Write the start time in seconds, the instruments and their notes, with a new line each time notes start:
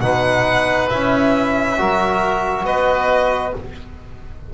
0.00 double bass B2, trombone D#4, oboe B4, violin F#5
0.89 double bass C#4, trombone E4, violin E5
1.77 double bass F#3, trombone F#4, oboe A#4
2.64 double bass B3, oboe B4, violin D#5